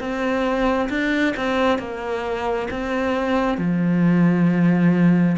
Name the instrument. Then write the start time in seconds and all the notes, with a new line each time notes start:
cello
0.00 C4
0.90 D4
1.37 C4
1.79 A#3
2.71 C4
3.58 F3